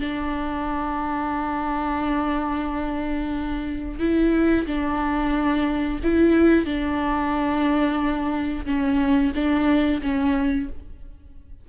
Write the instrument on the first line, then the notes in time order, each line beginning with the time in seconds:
viola
0.00 D4
4.00 E4
4.67 D4
6.04 E4
6.65 D4
8.66 C#4
9.35 D4
10.02 C#4